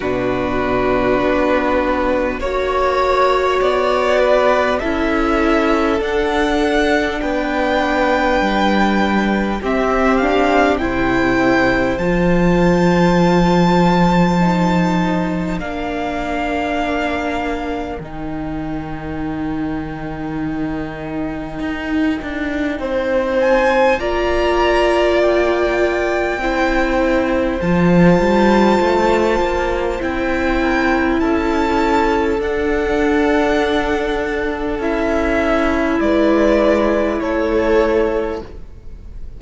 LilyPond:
<<
  \new Staff \with { instrumentName = "violin" } { \time 4/4 \tempo 4 = 50 b'2 cis''4 d''4 | e''4 fis''4 g''2 | e''8 f''8 g''4 a''2~ | a''4 f''2 g''4~ |
g''2.~ g''8 gis''8 | ais''4 g''2 a''4~ | a''4 g''4 a''4 fis''4~ | fis''4 e''4 d''4 cis''4 | }
  \new Staff \with { instrumentName = "violin" } { \time 4/4 fis'2 cis''4. b'8 | a'2 b'2 | g'4 c''2.~ | c''4 ais'2.~ |
ais'2. c''4 | d''2 c''2~ | c''4. ais'8 a'2~ | a'2 b'4 a'4 | }
  \new Staff \with { instrumentName = "viola" } { \time 4/4 d'2 fis'2 | e'4 d'2. | c'8 d'8 e'4 f'2 | dis'4 d'2 dis'4~ |
dis'1 | f'2 e'4 f'4~ | f'4 e'2 d'4~ | d'4 e'2. | }
  \new Staff \with { instrumentName = "cello" } { \time 4/4 b,4 b4 ais4 b4 | cis'4 d'4 b4 g4 | c'4 c4 f2~ | f4 ais2 dis4~ |
dis2 dis'8 d'8 c'4 | ais2 c'4 f8 g8 | a8 ais8 c'4 cis'4 d'4~ | d'4 cis'4 gis4 a4 | }
>>